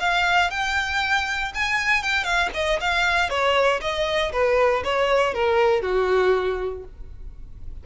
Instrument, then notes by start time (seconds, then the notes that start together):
violin
0.00 F5
0.51 G5
1.55 G#5
2.03 G5
2.24 F5
2.54 D#5
2.80 F5
3.30 C#5
3.82 D#5
4.33 B4
4.84 C#5
5.34 A#4
5.82 F#4